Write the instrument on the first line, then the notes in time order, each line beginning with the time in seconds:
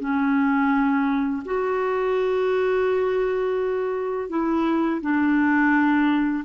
clarinet
0.00 C#4
1.45 F#4
4.30 E4
5.01 D4